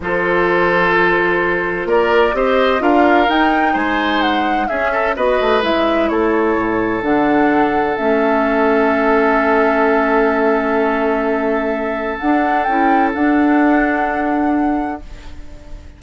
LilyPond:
<<
  \new Staff \with { instrumentName = "flute" } { \time 4/4 \tempo 4 = 128 c''1 | d''4 dis''4 f''4 g''4 | gis''4 fis''4 e''4 dis''4 | e''4 cis''2 fis''4~ |
fis''4 e''2.~ | e''1~ | e''2 fis''4 g''4 | fis''1 | }
  \new Staff \with { instrumentName = "oboe" } { \time 4/4 a'1 | ais'4 c''4 ais'2 | c''2 gis'8 a'8 b'4~ | b'4 a'2.~ |
a'1~ | a'1~ | a'1~ | a'1 | }
  \new Staff \with { instrumentName = "clarinet" } { \time 4/4 f'1~ | f'4 g'4 f'4 dis'4~ | dis'2 cis'4 fis'4 | e'2. d'4~ |
d'4 cis'2.~ | cis'1~ | cis'2 d'4 e'4 | d'1 | }
  \new Staff \with { instrumentName = "bassoon" } { \time 4/4 f1 | ais4 c'4 d'4 dis'4 | gis2 cis'4 b8 a8 | gis4 a4 a,4 d4~ |
d4 a2.~ | a1~ | a2 d'4 cis'4 | d'1 | }
>>